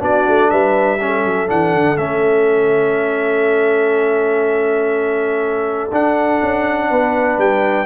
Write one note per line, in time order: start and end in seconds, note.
0.00 0.27 B3
0.00 0.98 D4
0.00 0.51 F#4
0.00 0.51 D5
0.29 0.52 A3
0.51 1.26 G3
0.51 1.00 B4
0.51 1.49 E5
1.01 1.48 C#4
1.01 6.90 A4
1.26 1.50 F#3
1.48 1.75 E3
1.48 1.97 D4
1.48 1.97 F#5
1.75 1.98 D3
1.97 5.91 A3
1.97 5.91 C#4
1.97 5.91 E5
5.92 6.41 D4
5.92 7.86 D4
5.92 7.40 F#5
6.42 6.91 C#4
6.90 7.38 B3
6.90 7.86 B4
7.38 7.86 G3
7.38 7.86 G5